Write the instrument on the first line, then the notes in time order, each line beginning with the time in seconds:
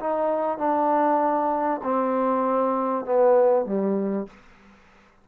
trombone
0.00 D#4
0.58 D4
1.83 C4
3.05 B3
3.65 G3